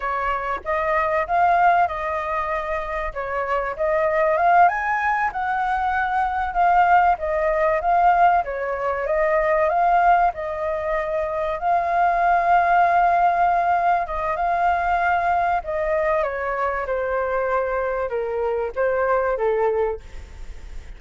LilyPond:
\new Staff \with { instrumentName = "flute" } { \time 4/4 \tempo 4 = 96 cis''4 dis''4 f''4 dis''4~ | dis''4 cis''4 dis''4 f''8 gis''8~ | gis''8 fis''2 f''4 dis''8~ | dis''8 f''4 cis''4 dis''4 f''8~ |
f''8 dis''2 f''4.~ | f''2~ f''8 dis''8 f''4~ | f''4 dis''4 cis''4 c''4~ | c''4 ais'4 c''4 a'4 | }